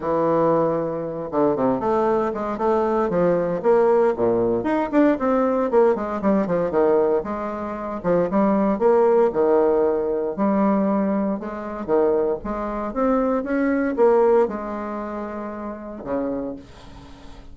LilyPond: \new Staff \with { instrumentName = "bassoon" } { \time 4/4 \tempo 4 = 116 e2~ e8 d8 c8 a8~ | a8 gis8 a4 f4 ais4 | ais,4 dis'8 d'8 c'4 ais8 gis8 | g8 f8 dis4 gis4. f8 |
g4 ais4 dis2 | g2 gis4 dis4 | gis4 c'4 cis'4 ais4 | gis2. cis4 | }